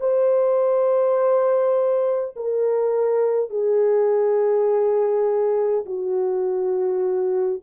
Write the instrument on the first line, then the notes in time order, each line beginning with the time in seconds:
horn
0.00 C5
2.36 A#4
3.50 G#4
5.86 F#4